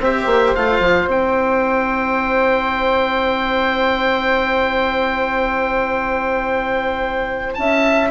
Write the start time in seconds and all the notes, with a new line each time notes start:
0.00 C4 G4 C5 E5
0.26 A#3
0.55 A3 F4 F5
0.80 F3
1.07 C4 E4 G5
7.54 C#4 E5 A5